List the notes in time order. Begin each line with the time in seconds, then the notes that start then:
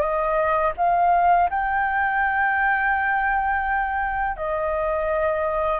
0.00 D#5
0.77 F5
1.50 G5
4.37 D#5